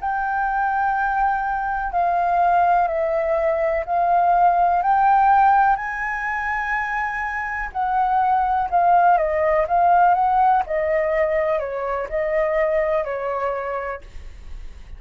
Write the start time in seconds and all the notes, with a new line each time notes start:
0.00 G5
1.92 F5
2.87 E5
3.85 F5
4.82 G5
5.76 G#5
7.72 F#5
8.70 F5
9.18 D#5
9.68 F5
10.14 F#5
10.66 D#5
11.59 C#5
12.09 D#5
13.04 C#5